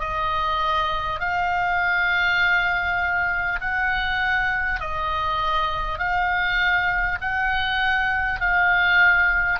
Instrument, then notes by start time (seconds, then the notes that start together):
oboe
0.00 D#5
1.20 F5
3.61 F#5
4.81 D#5
5.98 F5
7.21 F#5
8.41 F5